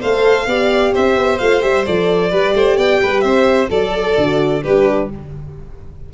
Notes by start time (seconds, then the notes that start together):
0.00 A3 A4 C5 F5
0.47 B3 G4 D5
0.93 C4 C5 E5
1.16 B3
1.39 A3 F4 F5
1.61 G3 G4 E5
1.86 F3 A4 D5
2.31 G3 G4 B4
2.55 A3 C5
2.77 B3 D5 G5
3.03 G3 B4
3.21 C4 C5 E5
3.69 F#3 A4 D5
4.16 D3 F#4
4.63 G3 D4 G4 B4